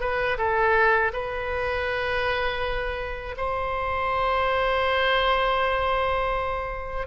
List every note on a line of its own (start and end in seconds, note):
0.00 0.37 B4
0.38 1.12 A4
1.13 3.35 B4
3.37 7.07 C5